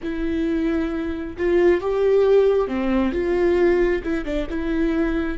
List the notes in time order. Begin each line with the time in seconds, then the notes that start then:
0.02 E4
1.37 F4
1.81 G4
2.67 C4
3.12 F4
4.03 E4
4.25 D4
4.49 E4